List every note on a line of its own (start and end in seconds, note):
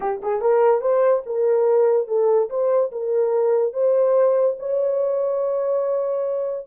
0.00 0.21 G4
0.22 0.41 G#4
0.41 0.81 A#4
0.81 1.23 C5
1.26 2.07 A#4
2.07 2.49 A4
2.49 2.91 C5
2.91 3.73 A#4
3.73 4.56 C5
4.59 6.66 C#5